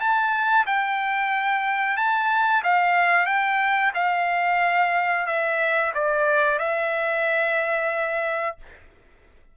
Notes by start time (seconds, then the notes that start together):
0.00 A5
0.67 G5
1.97 A5
2.64 F5
3.26 G5
3.95 F5
5.27 E5
5.95 D5
6.59 E5